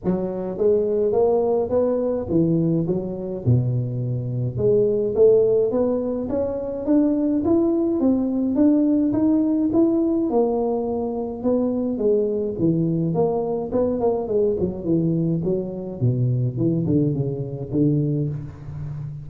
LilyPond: \new Staff \with { instrumentName = "tuba" } { \time 4/4 \tempo 4 = 105 fis4 gis4 ais4 b4 | e4 fis4 b,2 | gis4 a4 b4 cis'4 | d'4 e'4 c'4 d'4 |
dis'4 e'4 ais2 | b4 gis4 e4 ais4 | b8 ais8 gis8 fis8 e4 fis4 | b,4 e8 d8 cis4 d4 | }